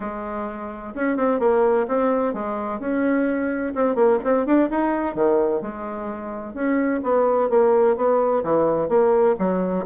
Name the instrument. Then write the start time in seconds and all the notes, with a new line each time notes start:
bassoon
0.00 G#3
0.94 C#4
1.16 C4
1.39 A#3
1.87 C4
2.33 G#3
2.79 C#4
3.74 C4
3.95 A#3
4.24 C4
4.45 D4
4.70 D#4
5.14 D#3
5.61 G#3
6.53 C#4
7.03 B3
7.49 A#3
7.96 B3
8.43 E3
8.88 A#3
9.39 F#3